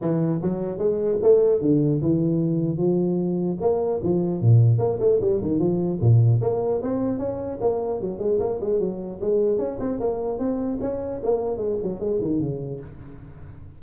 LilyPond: \new Staff \with { instrumentName = "tuba" } { \time 4/4 \tempo 4 = 150 e4 fis4 gis4 a4 | d4 e2 f4~ | f4 ais4 f4 ais,4 | ais8 a8 g8 dis8 f4 ais,4 |
ais4 c'4 cis'4 ais4 | fis8 gis8 ais8 gis8 fis4 gis4 | cis'8 c'8 ais4 c'4 cis'4 | ais4 gis8 fis8 gis8 dis8 cis4 | }